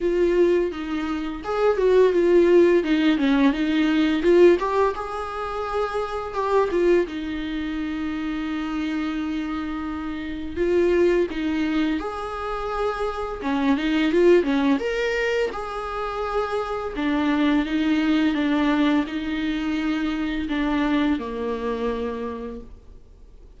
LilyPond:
\new Staff \with { instrumentName = "viola" } { \time 4/4 \tempo 4 = 85 f'4 dis'4 gis'8 fis'8 f'4 | dis'8 cis'8 dis'4 f'8 g'8 gis'4~ | gis'4 g'8 f'8 dis'2~ | dis'2. f'4 |
dis'4 gis'2 cis'8 dis'8 | f'8 cis'8 ais'4 gis'2 | d'4 dis'4 d'4 dis'4~ | dis'4 d'4 ais2 | }